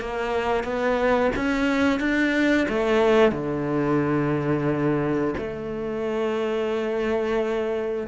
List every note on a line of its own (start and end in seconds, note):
0.00 0.63 A#3
0.63 1.31 B3
1.35 1.99 C#4
1.99 2.67 D4
2.68 3.32 A3
3.32 5.34 D3
5.37 8.07 A3